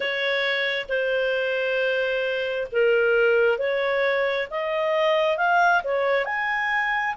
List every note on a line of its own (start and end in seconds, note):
0.00 0.85 C#5
0.88 2.67 C5
2.72 3.58 A#4
3.58 4.48 C#5
4.50 5.37 D#5
5.37 5.82 F5
5.83 6.25 C#5
6.25 7.14 G#5